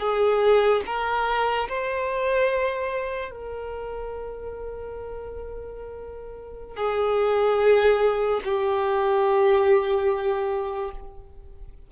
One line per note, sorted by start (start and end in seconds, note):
0.00 0.82 G#4
0.86 1.68 A#4
1.68 3.31 C5
3.31 6.77 A#4
6.77 8.41 G#4
8.45 10.91 G4